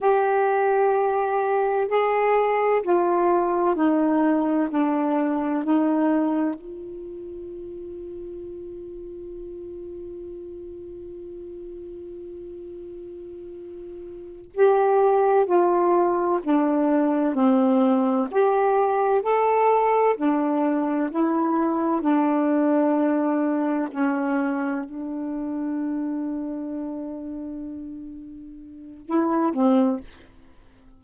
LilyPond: \new Staff \with { instrumentName = "saxophone" } { \time 4/4 \tempo 4 = 64 g'2 gis'4 f'4 | dis'4 d'4 dis'4 f'4~ | f'1~ | f'2.~ f'8 g'8~ |
g'8 f'4 d'4 c'4 g'8~ | g'8 a'4 d'4 e'4 d'8~ | d'4. cis'4 d'4.~ | d'2. e'8 c'8 | }